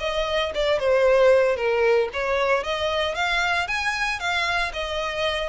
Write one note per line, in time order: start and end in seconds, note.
0.00 0.53 D#5
0.55 0.79 D5
0.79 1.57 C5
1.57 2.09 A#4
2.13 2.64 C#5
2.64 3.15 D#5
3.15 3.68 F5
3.68 4.20 G#5
4.20 4.72 F5
4.73 5.49 D#5